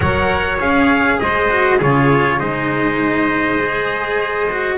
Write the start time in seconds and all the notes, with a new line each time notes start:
0.00 F#3 A#4 C#5 F#5
0.59 C#4 G#4 F5
1.20 G#3 C5 D#5
1.49 F#4
1.78 C#3 F4 G#4 C#5
2.38 G#3 D#4 C5 D#5
3.59 G#4
4.50 F#4